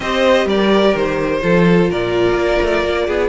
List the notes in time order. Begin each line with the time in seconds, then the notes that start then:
0.00 C4 G4 C5 D#5
0.45 G3 A#4 D5
0.94 D#3 C5
1.41 F3 F4 A4
1.90 A#2 A#4 D5
2.34 A#3
2.62 A3
2.84 A#3
3.06 B3 G#4